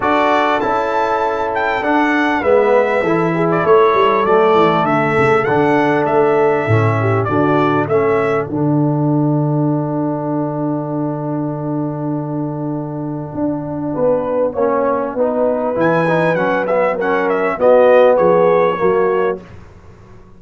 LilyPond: <<
  \new Staff \with { instrumentName = "trumpet" } { \time 4/4 \tempo 4 = 99 d''4 a''4. g''8 fis''4 | e''4.~ e''16 d''16 cis''4 d''4 | e''4 fis''4 e''2 | d''4 e''4 fis''2~ |
fis''1~ | fis''1~ | fis''2 gis''4 fis''8 e''8 | fis''8 e''8 dis''4 cis''2 | }
  \new Staff \with { instrumentName = "horn" } { \time 4/4 a'1 | b'4 a'8 gis'8 a'2~ | a'2.~ a'8 g'8 | fis'4 a'2.~ |
a'1~ | a'2. b'4 | cis''4 b'2. | ais'4 fis'4 gis'4 fis'4 | }
  \new Staff \with { instrumentName = "trombone" } { \time 4/4 fis'4 e'2 d'4 | b4 e'2 a4~ | a4 d'2 cis'4 | d'4 cis'4 d'2~ |
d'1~ | d'1 | cis'4 dis'4 e'8 dis'8 cis'8 b8 | cis'4 b2 ais4 | }
  \new Staff \with { instrumentName = "tuba" } { \time 4/4 d'4 cis'2 d'4 | gis4 e4 a8 g8 fis8 e8 | d8 cis8 d4 a4 a,4 | d4 a4 d2~ |
d1~ | d2 d'4 b4 | ais4 b4 e4 fis4~ | fis4 b4 f4 fis4 | }
>>